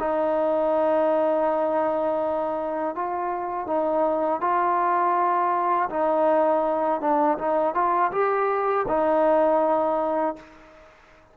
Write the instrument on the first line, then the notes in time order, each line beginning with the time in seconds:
trombone
0.00 D#4
2.95 F4
3.67 D#4
4.41 F4
5.90 D#4
7.01 D4
7.38 D#4
7.74 F4
8.12 G4
8.88 D#4